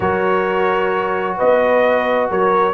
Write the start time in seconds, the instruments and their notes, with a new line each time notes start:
0.00 tuba F#3, trombone F#4, horn A#4, trumpet C#5
1.37 tuba B3, horn B4, trumpet D#5
2.30 tuba F#3, horn A#4, trumpet C#5